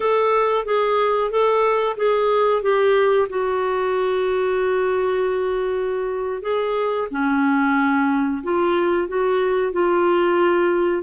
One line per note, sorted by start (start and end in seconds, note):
0.00 0.65 A4
0.65 1.30 G#4
1.30 1.96 A4
1.97 2.62 G#4
2.62 3.28 G4
3.29 6.42 F#4
6.42 7.08 G#4
7.11 8.42 C#4
8.43 9.08 F4
9.08 9.72 F#4
9.72 11.02 F4